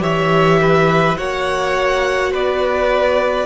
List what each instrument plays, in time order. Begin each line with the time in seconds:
0.00 cello E3, viola G4, violin C#5 E5
0.62 violin B4
1.17 cello A#3, viola F#4, violin C#5 F#5
2.32 cello B3, violin B4 D5